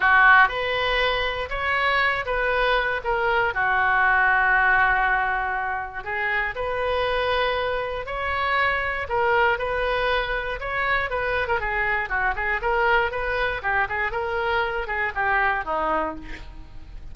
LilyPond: \new Staff \with { instrumentName = "oboe" } { \time 4/4 \tempo 4 = 119 fis'4 b'2 cis''4~ | cis''8 b'4. ais'4 fis'4~ | fis'1 | gis'4 b'2. |
cis''2 ais'4 b'4~ | b'4 cis''4 b'8. ais'16 gis'4 | fis'8 gis'8 ais'4 b'4 g'8 gis'8 | ais'4. gis'8 g'4 dis'4 | }